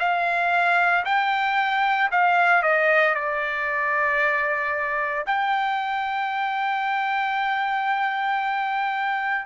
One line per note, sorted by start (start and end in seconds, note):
0.00 1.05 F5
1.06 2.11 G5
2.12 2.63 F5
2.63 3.15 D#5
3.15 5.26 D5
5.27 9.46 G5